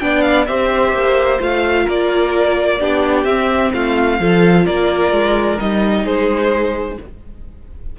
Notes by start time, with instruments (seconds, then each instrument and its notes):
0.00 cello B3, viola D4, violin D5 G5
0.22 violin F5
0.47 cello C4, viola G4, violin C5 E5
0.93 cello A#3
1.40 cello A3, viola F4, violin F5
1.84 cello A#3, violin A#4 D5
2.80 cello B3, viola D4, violin G4
3.25 cello C4, viola C4, violin E5
3.74 cello A3, violin F4 F5
4.20 cello F3, viola F4, violin A4
4.66 cello A#3, violin A#4 D5
5.12 cello G#3
5.58 cello G3, viola D#4, violin D#5
6.04 cello G#3, violin G#4 C5